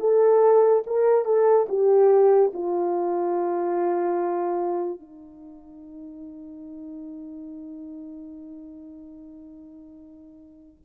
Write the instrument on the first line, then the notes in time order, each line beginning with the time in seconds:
horn
0.00 A4
0.86 A#4
1.25 A4
1.69 G4
2.53 F4
5.00 D#4